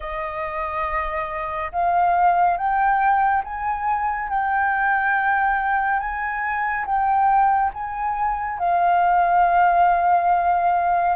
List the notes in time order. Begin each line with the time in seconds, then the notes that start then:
0.00 D#5
1.71 F5
2.57 G5
3.44 G#5
4.29 G5
5.99 G#5
6.85 G5
7.73 G#5
8.58 F5